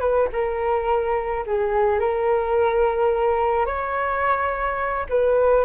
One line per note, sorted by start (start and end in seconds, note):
0.00 0.28 B4
0.32 1.44 A#4
1.46 1.99 G#4
1.99 3.66 A#4
3.66 5.06 C#5
5.09 5.64 B4